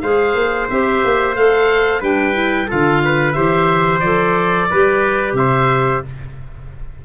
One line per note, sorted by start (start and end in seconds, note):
0.00 0.34 G#3
0.00 0.70 G#4
0.00 2.00 C5
0.00 0.67 F5
0.34 0.68 A#3
0.69 1.03 C4
0.69 1.35 G4
0.69 1.36 E5
1.04 1.36 A#3
1.35 2.01 A3
1.35 2.01 A4
1.35 2.02 F5
2.00 2.68 G3
2.00 2.33 D4
2.00 2.67 B4
2.00 2.70 G5
2.33 2.66 E4
2.67 3.36 D3
2.67 3.34 F4
2.67 3.01 A4
2.67 3.32 F5
3.04 3.35 B4
3.32 4.02 E3
3.32 4.00 G4
3.32 4.68 C5
3.32 3.99 E5
4.00 4.68 F3
4.00 4.70 A4
4.00 5.33 D5
4.70 5.33 G3
4.70 6.05 G4
4.70 5.37 B4
5.33 5.99 C3
5.33 6.04 C5
5.33 6.02 E5